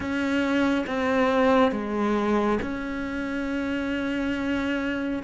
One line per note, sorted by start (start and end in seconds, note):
0.00 0.85 C#4
0.86 1.72 C4
1.72 2.58 G#3
2.62 5.23 C#4